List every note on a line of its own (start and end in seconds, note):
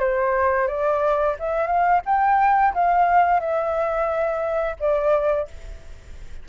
0.00 0.68 C5
0.68 1.36 D5
1.39 1.67 E5
1.67 2.01 F5
2.06 2.74 G5
2.74 3.40 F5
3.40 4.77 E5
4.80 5.48 D5